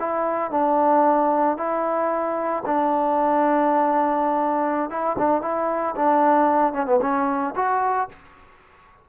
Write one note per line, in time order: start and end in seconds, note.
0.00 0.51 E4
0.51 1.57 D4
1.57 2.64 E4
2.66 4.90 D4
4.90 5.17 E4
5.19 5.42 D4
5.42 5.95 E4
5.96 6.73 D4
6.73 6.86 C#4
6.86 7.00 B3
7.02 7.55 C#4
7.56 8.09 F#4